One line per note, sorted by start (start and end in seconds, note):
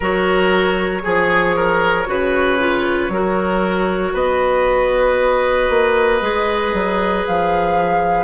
0.00 1.04 F#3
0.00 1.02 F#4
0.00 1.02 A#4
0.00 4.16 C#5
1.02 2.07 F3
1.02 2.05 G#4
1.02 1.55 G#4
1.56 2.07 A#4
2.06 3.08 C#3
2.06 2.58 F#4
2.06 3.12 B4
2.59 3.10 F4
3.08 4.12 F#3
3.08 6.21 F#4
3.08 4.13 A#4
4.13 5.69 B3
4.13 8.24 B4
4.13 7.26 D#5
5.69 6.21 A#3
6.21 6.73 G#3
6.21 8.24 G#4
6.73 7.25 F#3
7.26 8.24 F3
7.26 8.24 F5